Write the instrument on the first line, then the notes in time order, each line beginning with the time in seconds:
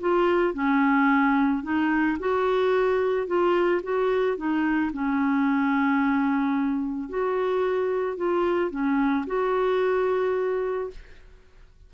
clarinet
0.00 F4
0.54 C#4
1.63 D#4
2.19 F#4
3.27 F4
3.83 F#4
4.37 D#4
4.93 C#4
7.09 F#4
8.17 F4
8.70 C#4
9.26 F#4